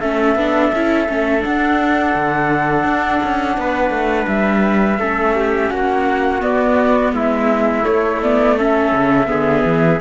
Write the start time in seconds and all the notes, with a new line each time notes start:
0.00 A3 C#4 A4 E5
0.35 B3 D4
0.72 C#4 E4
1.08 A3 C#4
1.39 D4 F#5
1.46 D4
2.15 D3
2.83 D4
3.23 C#4
3.57 B3 B4
3.90 A3
4.27 G3 E5
4.99 A3 C#4 A4
5.36 G4
5.70 A#3 F#4 F#5
6.40 B3 D5
7.13 G#3 E4 E5
7.82 A3 C#5
8.22 B3 D5
8.57 C#4 A4 E5
8.91 C#3
9.26 D3 B3 G#4
9.64 E3